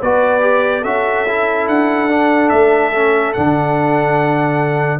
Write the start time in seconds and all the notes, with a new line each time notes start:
0.00 B3 F#4 B4 D5
0.40 G4
0.81 C#4 F#4 A4 E5
1.28 E4
1.67 D4 F#5
2.08 D4
2.49 A3 E5
2.95 C#4
3.33 D3 D4 F#5